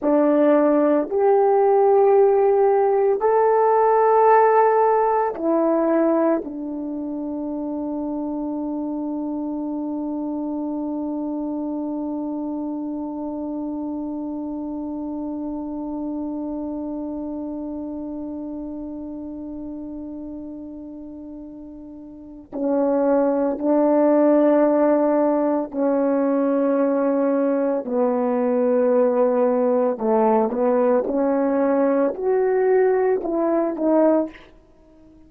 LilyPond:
\new Staff \with { instrumentName = "horn" } { \time 4/4 \tempo 4 = 56 d'4 g'2 a'4~ | a'4 e'4 d'2~ | d'1~ | d'1~ |
d'1~ | d'4 cis'4 d'2 | cis'2 b2 | a8 b8 cis'4 fis'4 e'8 dis'8 | }